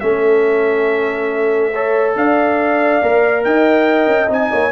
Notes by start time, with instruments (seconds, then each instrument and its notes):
0.00 tuba A3, trombone C#4, horn A4, trumpet E5
1.72 trombone A4, horn C#5
2.16 tuba D4, horn D5, trumpet F5
3.02 tuba A#3, trombone A#4
3.44 tuba D#4, horn D#5, trumpet G5
4.07 tuba C#4
4.27 tuba C4, trombone D#4, trumpet G#5
4.52 tuba A#3, horn C#5